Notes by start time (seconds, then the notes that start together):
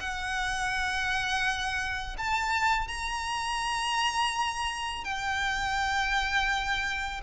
0.00 F#5
2.18 A5
2.88 A#5
5.05 G5